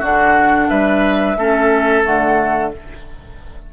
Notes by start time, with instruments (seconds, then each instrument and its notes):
0.00 bassoon D3, clarinet D4, oboe F#4, flute F#5
0.69 bassoon G3, oboe B4, flute E5
1.37 bassoon A3, clarinet C#4, oboe A4
2.04 bassoon D3, clarinet A3, flute F#5